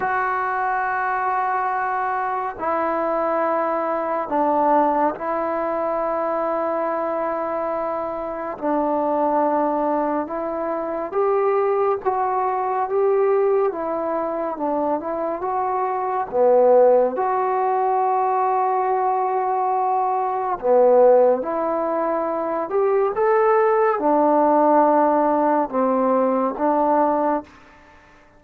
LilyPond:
\new Staff \with { instrumentName = "trombone" } { \time 4/4 \tempo 4 = 70 fis'2. e'4~ | e'4 d'4 e'2~ | e'2 d'2 | e'4 g'4 fis'4 g'4 |
e'4 d'8 e'8 fis'4 b4 | fis'1 | b4 e'4. g'8 a'4 | d'2 c'4 d'4 | }